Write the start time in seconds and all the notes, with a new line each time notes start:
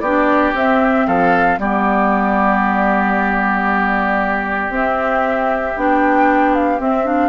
0.00 B3 D4 G4 D5
0.54 C4 E5
1.07 F3 A4 F5
1.57 G3 B3 G4 D5
4.69 C4 E5
5.76 B3 D4 G5
6.54 F5
6.79 C4 E5
7.05 D4 F5